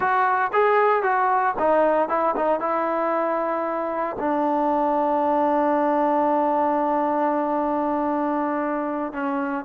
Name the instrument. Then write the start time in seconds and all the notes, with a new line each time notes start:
trombone
0.00 F#4
0.52 G#4
1.02 F#4
1.58 D#4
2.08 E4
2.35 D#4
2.59 E4
4.19 D4
9.12 C#4